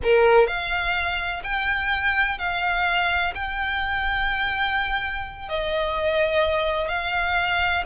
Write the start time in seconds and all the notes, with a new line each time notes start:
0.03 A#4
0.47 F5
1.43 G5
2.38 F5
3.34 G5
5.48 D#5
6.88 F5